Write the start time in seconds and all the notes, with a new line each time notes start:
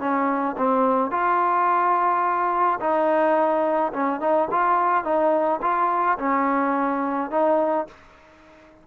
0.00 C#4
0.58 C4
1.11 F4
2.80 D#4
3.93 C#4
4.21 D#4
4.51 F4
5.04 D#4
5.62 F4
6.19 C#4
7.31 D#4